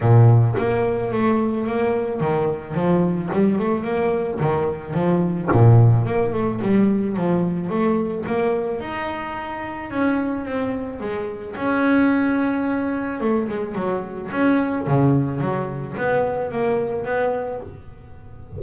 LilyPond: \new Staff \with { instrumentName = "double bass" } { \time 4/4 \tempo 4 = 109 ais,4 ais4 a4 ais4 | dis4 f4 g8 a8 ais4 | dis4 f4 ais,4 ais8 a8 | g4 f4 a4 ais4 |
dis'2 cis'4 c'4 | gis4 cis'2. | a8 gis8 fis4 cis'4 cis4 | fis4 b4 ais4 b4 | }